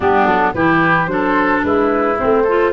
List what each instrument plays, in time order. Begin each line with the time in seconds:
0.00 tuba G3, clarinet B3, oboe D4, flute G4
0.25 tuba F#3, flute A4
0.53 tuba E3, clarinet E4, oboe G4, flute B4
1.06 tuba F#3, clarinet D4, oboe A4, flute C5
1.63 tuba G#3, oboe E4, flute B4
2.18 tuba A3, clarinet C4, flute C5
2.43 clarinet F4, oboe A4